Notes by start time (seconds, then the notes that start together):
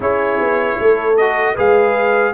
0.00 C#4 E4 G#4 C#5
0.39 B3
0.79 A3 A4
1.17 F#4 D#5
1.54 G#3 G#4 B4 F5